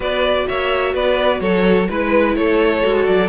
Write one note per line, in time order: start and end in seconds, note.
0.00 0.44 B3
0.00 1.89 F#4
0.00 0.46 B4
0.00 0.47 D5
0.47 0.94 A#3
0.47 0.93 C#5
0.47 0.94 E5
0.93 1.40 B3
0.93 1.40 B4
0.93 1.40 D5
1.40 1.87 F#3
1.40 1.88 A4
1.40 1.87 C#5
1.88 2.36 G#3
1.88 2.83 E4
1.88 2.36 B4
1.88 2.35 B4
2.35 2.83 A3
2.35 3.28 A4
2.35 3.06 C#5
2.83 3.08 G#3
2.83 3.28 F#4
3.06 3.28 F#3
3.06 3.28 D5